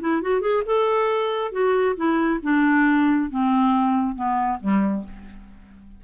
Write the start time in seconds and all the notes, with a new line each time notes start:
0.00 E4
0.22 F#4
0.41 G#4
0.65 A4
1.51 F#4
1.96 E4
2.42 D4
3.30 C4
4.15 B3
4.60 G3